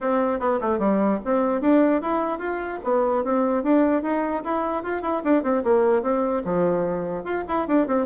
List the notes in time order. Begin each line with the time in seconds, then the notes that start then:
0.00 C4
0.39 B3
0.60 A3
0.79 G3
1.24 C4
1.61 D4
2.01 E4
2.38 F4
2.83 B3
3.23 C4
3.63 D4
4.02 D#4
4.44 E4
4.83 F4
5.02 E4
5.24 D4
5.43 C4
5.63 A#3
6.02 C4
6.44 F3
7.24 F4
7.48 E4
7.67 D4
7.87 C4